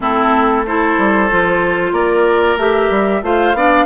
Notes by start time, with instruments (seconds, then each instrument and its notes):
0.00 bassoon A3, clarinet C4, oboe E4, flute A4
0.66 clarinet E4, oboe A4, flute C5
0.98 bassoon G3
1.29 bassoon F3, clarinet F4
1.92 bassoon A#3, oboe A#4, flute D5
2.57 bassoon A3, clarinet G4, flute E5
2.90 bassoon G3
3.22 bassoon A3, clarinet F4, oboe C5, flute F5
3.53 bassoon B3, clarinet D4, oboe D5